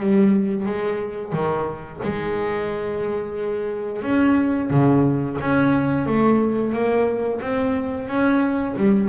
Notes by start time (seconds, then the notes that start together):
0.00 G3
0.66 G#3
1.33 D#3
2.03 G#3
4.02 C#4
4.70 C#3
5.41 C#4
6.06 A3
6.73 A#3
7.41 C4
8.08 C#4
8.77 G3